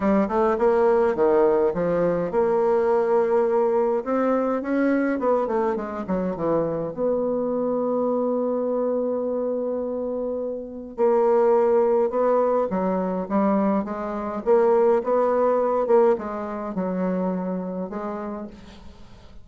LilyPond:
\new Staff \with { instrumentName = "bassoon" } { \time 4/4 \tempo 4 = 104 g8 a8 ais4 dis4 f4 | ais2. c'4 | cis'4 b8 a8 gis8 fis8 e4 | b1~ |
b2. ais4~ | ais4 b4 fis4 g4 | gis4 ais4 b4. ais8 | gis4 fis2 gis4 | }